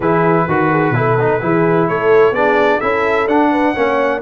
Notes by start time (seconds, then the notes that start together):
0.00 E3 E4 G#4 B4
0.47 D#3 F#4
0.71 G#4
0.90 B2 E4
0.97 A4
1.19 D#4
1.40 E3 E4 G#4
1.88 A3 A4 C#5
2.31 B3 D4 G#4 D5
2.78 C#4 E4 A4 E5
3.26 D4 F#5
3.51 B4
3.73 A#3 C#4 C#5